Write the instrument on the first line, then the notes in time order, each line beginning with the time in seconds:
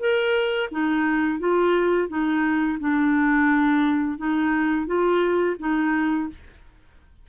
clarinet
0.00 A#4
0.72 D#4
1.40 F4
2.09 D#4
2.80 D4
4.18 D#4
4.87 F4
5.60 D#4